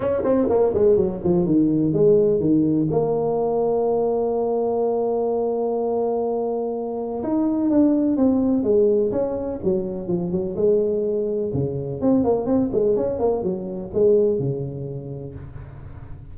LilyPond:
\new Staff \with { instrumentName = "tuba" } { \time 4/4 \tempo 4 = 125 cis'8 c'8 ais8 gis8 fis8 f8 dis4 | gis4 dis4 ais2~ | ais1~ | ais2. dis'4 |
d'4 c'4 gis4 cis'4 | fis4 f8 fis8 gis2 | cis4 c'8 ais8 c'8 gis8 cis'8 ais8 | fis4 gis4 cis2 | }